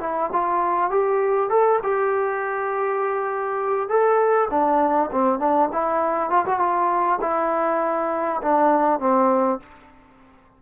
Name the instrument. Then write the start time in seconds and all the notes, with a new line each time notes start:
trombone
0.00 E4
0.32 F4
0.90 G4
1.50 A4
1.83 G4
3.89 A4
4.50 D4
5.11 C4
5.39 D4
5.72 E4
6.30 F4
6.46 F#4
6.59 F4
7.21 E4
8.42 D4
8.99 C4